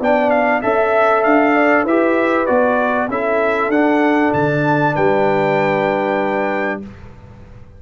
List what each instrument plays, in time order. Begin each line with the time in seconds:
0.00 tuba B3, trombone D4, horn D5, trumpet G5
0.30 trumpet F5
0.61 tuba C#4, trombone A4, trumpet E5, horn E5
1.23 tuba D4, trumpet F5
1.54 horn D5
1.84 tuba E4, trombone G4, horn B4, trumpet E5
2.46 tuba B3, trombone F#4, trumpet D5
3.08 tuba C#4, trombone E4, horn A4, trumpet E5
3.68 tuba D4, trombone D4, trumpet F#5
4.33 tuba D3, trumpet A5
4.93 tuba G3, horn B4, trumpet G5